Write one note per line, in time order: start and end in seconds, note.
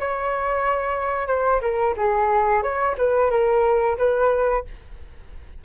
0.00 1.28 C#5
1.28 1.61 C5
1.62 1.95 A#4
1.97 2.63 G#4
2.63 2.97 C#5
2.98 3.31 B4
3.31 3.98 A#4
3.98 4.65 B4